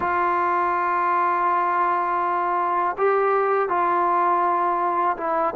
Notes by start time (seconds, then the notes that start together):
0.00 F4
2.97 G4
3.68 F4
5.17 E4